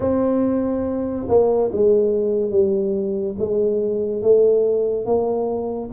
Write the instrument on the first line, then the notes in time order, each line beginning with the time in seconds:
tuba
0.00 C4
1.28 A#3
1.72 G#3
2.50 G3
3.38 G#3
4.22 A3
5.05 A#3